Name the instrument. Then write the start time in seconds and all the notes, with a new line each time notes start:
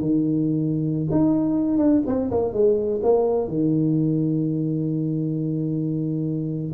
tuba
0.00 D#3
1.11 D#4
1.78 D4
2.06 C4
2.31 A#3
2.53 G#3
3.03 A#3
3.47 D#3